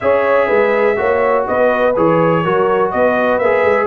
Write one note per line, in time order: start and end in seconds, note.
0.00 0.50 C#4
0.00 0.96 G#4
0.00 0.47 C#5
0.00 1.45 E5
0.47 0.98 G#3
0.47 0.95 B4
0.96 1.47 A#3
0.96 1.94 F#4
0.96 1.46 C#5
1.47 1.97 B3
1.47 2.43 B4
1.47 1.95 D#5
1.96 2.45 E3
1.96 2.44 G#4
1.96 2.90 C#5
2.43 2.93 F#3
2.43 3.42 F#4
2.43 2.92 A#4
2.90 3.39 B3
2.90 3.86 B4
2.90 3.38 D#5
3.38 3.63 A#3
3.38 3.86 G#4
3.38 3.86 E5
3.63 3.86 G#3